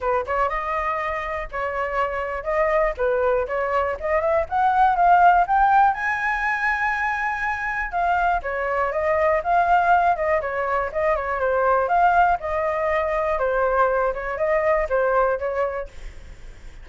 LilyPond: \new Staff \with { instrumentName = "flute" } { \time 4/4 \tempo 4 = 121 b'8 cis''8 dis''2 cis''4~ | cis''4 dis''4 b'4 cis''4 | dis''8 e''8 fis''4 f''4 g''4 | gis''1 |
f''4 cis''4 dis''4 f''4~ | f''8 dis''8 cis''4 dis''8 cis''8 c''4 | f''4 dis''2 c''4~ | c''8 cis''8 dis''4 c''4 cis''4 | }